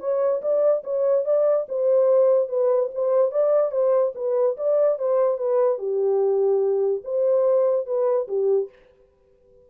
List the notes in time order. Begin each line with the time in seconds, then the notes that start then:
0.00 C#5
0.42 D5
0.84 C#5
1.25 D5
1.69 C5
2.49 B4
2.95 C5
3.32 D5
3.72 C5
4.15 B4
4.57 D5
4.99 C5
5.38 B4
5.78 G4
7.04 C5
7.86 B4
8.28 G4